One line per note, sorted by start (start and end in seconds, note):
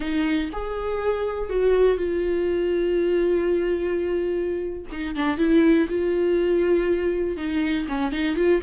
0.00 0.50 D#4
0.52 1.49 G#4
1.49 1.97 F#4
1.97 4.85 F4
4.92 5.15 D#4
5.15 5.37 D4
5.37 5.87 E4
5.88 7.36 F4
7.36 7.86 D#4
7.88 8.11 C#4
8.11 8.36 D#4
8.36 8.61 F4